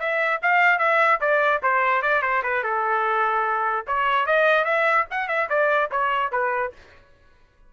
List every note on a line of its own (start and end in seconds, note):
0.00 0.41 E5
0.42 0.79 F5
0.79 1.20 E5
1.21 1.62 D5
1.63 2.03 C5
2.03 2.23 D5
2.23 2.43 C5
2.44 2.64 B4
2.64 3.86 A4
3.88 4.27 C#5
4.27 4.65 D#5
4.65 5.06 E5
5.11 5.29 F#5
5.29 5.49 E5
5.50 5.91 D5
5.91 6.32 C#5
6.32 6.73 B4